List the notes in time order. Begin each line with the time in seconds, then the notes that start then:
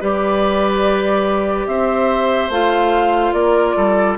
0.00 G3 G4 B4 D5
1.66 C4 C5 E5
2.49 A3 F4 F5
3.32 A#3 A#4 D5
3.76 G3 A4